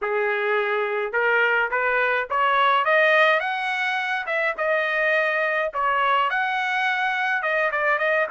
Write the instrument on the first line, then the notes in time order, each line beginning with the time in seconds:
trumpet
0.01 G#4
1.12 A#4
1.70 B4
2.30 C#5
2.84 D#5
3.40 F#5
4.26 E5
4.57 D#5
5.73 C#5
6.29 F#5
7.42 D#5
7.71 D5
7.98 D#5